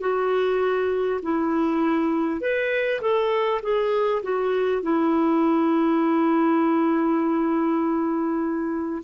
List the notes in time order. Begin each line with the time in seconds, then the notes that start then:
0.00 F#4
1.22 E4
2.41 B4
3.01 A4
3.62 G#4
4.22 F#4
4.82 E4